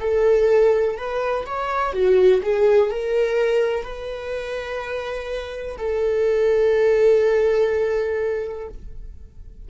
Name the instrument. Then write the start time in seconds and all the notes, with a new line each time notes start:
viola
0.00 A4
0.97 B4
1.46 C#5
1.93 F#4
2.43 G#4
2.91 A#4
3.83 B4
5.78 A4